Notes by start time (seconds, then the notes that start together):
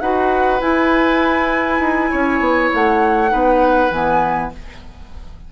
0.00 D#4 F#4 B4 F#5
0.59 E4 G#5
1.79 D#4
2.10 C#4 C#5
2.39 B3
2.73 A3 F#5
3.29 B3 D#4 B4
3.90 E3 B3 G#5